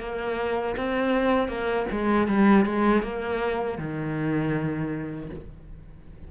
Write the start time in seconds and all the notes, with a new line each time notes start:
0.00 A#3
0.77 C4
1.49 A#3
1.92 G#3
2.28 G3
2.66 G#3
3.03 A#3
3.79 D#3